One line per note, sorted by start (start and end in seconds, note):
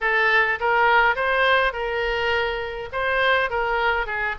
0.00 0.59 A4
0.60 1.15 A#4
1.15 1.72 C5
1.72 2.89 A#4
2.92 3.50 C5
3.50 4.06 A#4
4.06 4.35 G#4